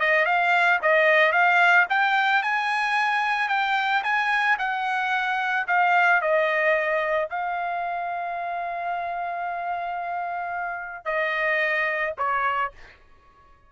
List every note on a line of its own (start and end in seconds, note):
0.00 0.26 D#5
0.26 0.80 F5
0.83 1.33 D#5
1.33 1.87 F5
1.90 2.43 G5
2.43 3.49 G#5
3.49 4.03 G5
4.04 4.58 G#5
4.59 5.67 F#5
5.68 6.22 F5
6.22 7.30 D#5
7.30 11.06 F5
11.06 12.14 D#5
12.18 12.72 C#5